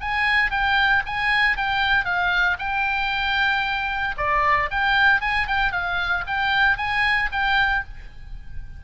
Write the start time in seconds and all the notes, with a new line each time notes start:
0.00 G#5
0.51 G5
1.06 G#5
1.56 G5
2.05 F5
2.58 G5
4.17 D5
4.71 G5
5.21 G#5
5.47 G5
5.72 F5
6.27 G5
6.77 G#5
7.32 G5